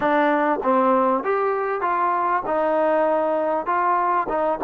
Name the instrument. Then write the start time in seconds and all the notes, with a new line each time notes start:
trombone
0.00 D4
0.63 C4
1.23 G4
1.81 F4
2.46 D#4
3.65 F4
4.28 D#4